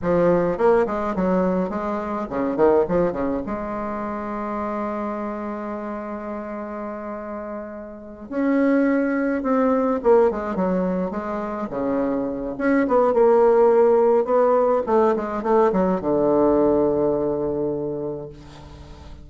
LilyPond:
\new Staff \with { instrumentName = "bassoon" } { \time 4/4 \tempo 4 = 105 f4 ais8 gis8 fis4 gis4 | cis8 dis8 f8 cis8 gis2~ | gis1~ | gis2~ gis8 cis'4.~ |
cis'8 c'4 ais8 gis8 fis4 gis8~ | gis8 cis4. cis'8 b8 ais4~ | ais4 b4 a8 gis8 a8 fis8 | d1 | }